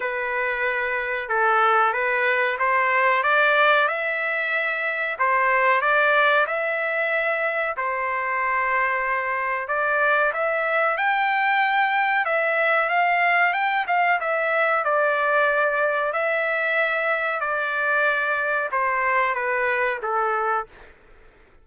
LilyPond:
\new Staff \with { instrumentName = "trumpet" } { \time 4/4 \tempo 4 = 93 b'2 a'4 b'4 | c''4 d''4 e''2 | c''4 d''4 e''2 | c''2. d''4 |
e''4 g''2 e''4 | f''4 g''8 f''8 e''4 d''4~ | d''4 e''2 d''4~ | d''4 c''4 b'4 a'4 | }